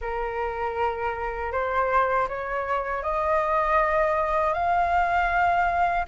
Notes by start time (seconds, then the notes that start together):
0.01 A#4
1.52 C5
2.28 C#5
3.02 D#5
4.53 F5